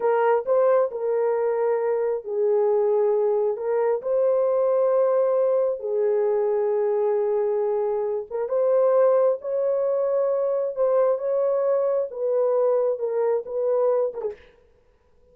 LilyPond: \new Staff \with { instrumentName = "horn" } { \time 4/4 \tempo 4 = 134 ais'4 c''4 ais'2~ | ais'4 gis'2. | ais'4 c''2.~ | c''4 gis'2.~ |
gis'2~ gis'8 ais'8 c''4~ | c''4 cis''2. | c''4 cis''2 b'4~ | b'4 ais'4 b'4. ais'16 gis'16 | }